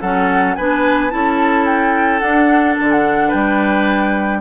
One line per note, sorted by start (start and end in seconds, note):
0.00 0.56 F#3
0.00 0.58 C#4
0.00 0.56 A4
0.00 0.55 F#5
0.55 1.12 B3
0.55 1.10 D4
0.55 1.12 B4
0.55 1.10 G#5
1.10 2.21 C#4
1.10 2.20 E4
1.10 3.28 A4
1.10 1.65 A5
1.65 2.19 G5
2.19 2.76 D4
2.19 4.40 D4
2.19 2.74 F#5
2.78 3.33 D3
2.78 2.91 A5
2.91 3.30 F#5
3.28 4.40 G3
3.28 4.38 B4
3.28 4.40 G5